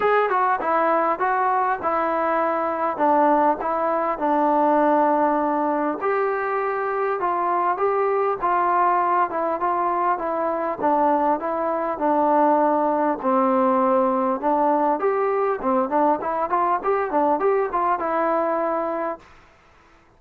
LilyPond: \new Staff \with { instrumentName = "trombone" } { \time 4/4 \tempo 4 = 100 gis'8 fis'8 e'4 fis'4 e'4~ | e'4 d'4 e'4 d'4~ | d'2 g'2 | f'4 g'4 f'4. e'8 |
f'4 e'4 d'4 e'4 | d'2 c'2 | d'4 g'4 c'8 d'8 e'8 f'8 | g'8 d'8 g'8 f'8 e'2 | }